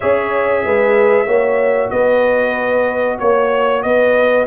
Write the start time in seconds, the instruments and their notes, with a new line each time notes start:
0.00 tuba C#4, trombone G#4, horn C#5, trumpet E5
0.64 tuba G#3, horn B4
1.26 tuba A#3, trombone F#4, horn C#5
1.90 tuba B3, horn B4, trumpet D#5
3.18 tuba A#3, horn C#5, trumpet C#5
3.82 tuba B3, horn B4, trumpet D#5